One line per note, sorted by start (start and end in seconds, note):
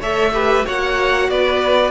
0.00 0.64 A3
0.00 0.33 A4
0.00 0.32 C#5
0.00 0.66 E5
0.33 0.65 G4
0.33 0.66 B4
0.65 1.29 A#3
0.65 1.91 F#4
0.65 1.30 C#5
0.65 1.30 F#5
1.29 1.91 B3
1.29 1.91 B4
1.29 1.91 D5